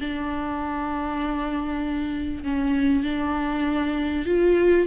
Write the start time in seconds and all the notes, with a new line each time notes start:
0.00 D4
2.44 C#4
3.03 D4
4.26 F4